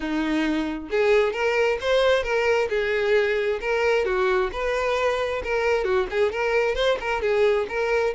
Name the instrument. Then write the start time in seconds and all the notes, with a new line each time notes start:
violin
0.00 D#4
0.90 G#4
1.32 A#4
1.80 C5
2.23 A#4
2.69 G#4
3.60 A#4
4.05 F#4
4.52 B4
5.43 A#4
5.84 F#4
6.10 G#4
6.32 A#4
6.75 C5
7.00 A#4
7.21 G#4
7.68 A#4